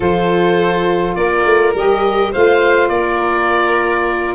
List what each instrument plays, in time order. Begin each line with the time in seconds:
0.00 tuba F3, saxophone F4, violin A4, oboe C5
1.15 tuba A#3, violin A#4, oboe D5
1.44 tuba A3
1.74 tuba G3, saxophone G4, oboe D#5
2.31 tuba A3, saxophone F4, violin C5, oboe F5
2.89 tuba A#3, violin A#4, oboe D5